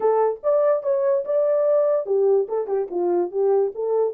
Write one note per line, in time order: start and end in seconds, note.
0.00 0.40 A4
0.43 0.83 D5
0.83 1.24 C#5
1.24 2.06 D5
2.06 2.47 G4
2.48 2.67 A4
2.67 2.88 G4
2.90 3.31 F4
3.31 3.72 G4
3.74 4.13 A4